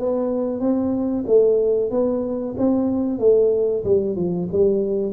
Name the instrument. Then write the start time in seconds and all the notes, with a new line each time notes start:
tuba
0.00 B3
0.60 C4
1.27 A3
1.91 B3
2.58 C4
3.20 A3
3.84 G3
4.16 F3
4.52 G3